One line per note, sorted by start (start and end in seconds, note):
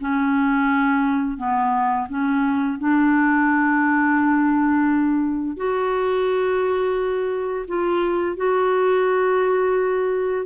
0.00 1.37 C#4
1.37 2.07 B3
2.09 2.78 C#4
2.78 5.56 D4
5.56 7.66 F#4
7.68 8.36 F4
8.36 10.46 F#4